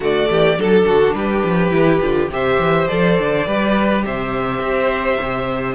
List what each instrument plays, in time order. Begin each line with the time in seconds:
0.00 cello D3, viola A3, violin F#4 D5
0.29 cello E3, violin G4
0.57 cello F#3, viola D4, violin A4
0.86 cello D3, violin F#4
1.14 cello G3, violin G4 B4
1.44 cello F3
1.70 cello E3, viola E4
2.00 cello D3, viola F4
2.29 cello C3, viola G4, violin C5 E5
2.59 cello E3
2.87 cello F3, viola A4, violin D5
3.18 cello D3
3.46 cello G3, viola G4, violin B4
4.05 cello C3, violin C5 E5
4.59 cello C4
5.20 cello C3